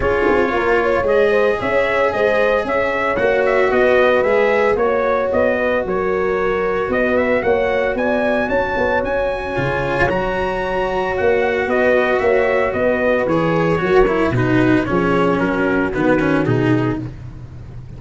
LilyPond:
<<
  \new Staff \with { instrumentName = "trumpet" } { \time 4/4 \tempo 4 = 113 cis''2 dis''4 e''4 | dis''4 e''4 fis''8 e''8 dis''4 | e''4 cis''4 dis''4 cis''4~ | cis''4 dis''8 e''8 fis''4 gis''4 |
a''4 gis''2 ais''4~ | ais''4 fis''4 dis''4 e''4 | dis''4 cis''2 b'4 | cis''4 ais'4 b'4 gis'4 | }
  \new Staff \with { instrumentName = "horn" } { \time 4/4 gis'4 ais'8 cis''4 c''8 cis''4 | c''4 cis''2 b'4~ | b'4 cis''4. b'8 ais'4~ | ais'4 b'4 cis''4 d''4 |
cis''1~ | cis''2 b'4 cis''4 | b'2 ais'4 fis'4 | gis'4 fis'2. | }
  \new Staff \with { instrumentName = "cello" } { \time 4/4 f'2 gis'2~ | gis'2 fis'2 | gis'4 fis'2.~ | fis'1~ |
fis'2 f'4 fis'4~ | fis'1~ | fis'4 gis'4 fis'8 e'8 dis'4 | cis'2 b8 cis'8 dis'4 | }
  \new Staff \with { instrumentName = "tuba" } { \time 4/4 cis'8 c'8 ais4 gis4 cis'4 | gis4 cis'4 ais4 b4 | gis4 ais4 b4 fis4~ | fis4 b4 ais4 b4 |
cis'8 b8 cis'4 cis4 fis4~ | fis4 ais4 b4 ais4 | b4 e4 fis4 b,4 | f4 fis4 dis4 b,4 | }
>>